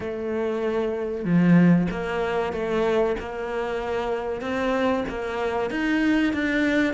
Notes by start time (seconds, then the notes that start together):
0.00 A3
1.24 F3
1.90 A#3
2.52 A3
3.19 A#3
4.41 C4
5.08 A#3
5.70 D#4
6.33 D4